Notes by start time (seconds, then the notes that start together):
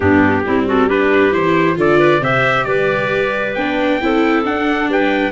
0.00 G2 B3 D4 G4
0.45 G3 C4 E4
0.66 F#4 A4
0.88 D4 G4 B4
1.31 E3 E4 C5
1.75 D3 F4 A4 D5
1.99 B4
2.20 C3 G4 C5 E5
2.64 G3 B4 D5
3.54 B3 D4 G5
4.01 C4 E4 A4
4.44 D4 F#5
4.88 G3 B4 G5